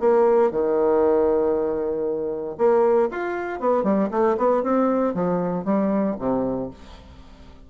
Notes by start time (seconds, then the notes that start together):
0.00 A#3
0.51 D#3
2.58 A#3
3.11 F4
3.60 B3
3.84 G3
4.11 A3
4.38 B3
4.63 C4
5.15 F3
5.65 G3
6.19 C3